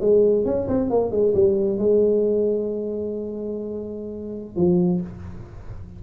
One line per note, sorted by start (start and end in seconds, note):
0.00 0.45 G#3
0.45 0.67 C#4
0.68 0.90 C4
0.90 1.11 A#3
1.11 1.33 G#3
1.34 1.78 G3
1.78 4.56 G#3
4.56 5.00 F3